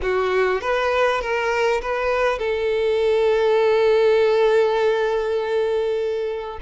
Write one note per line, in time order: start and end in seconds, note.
0.01 0.61 F#4
0.61 1.21 B4
1.21 1.81 A#4
1.81 2.38 B4
2.38 6.58 A4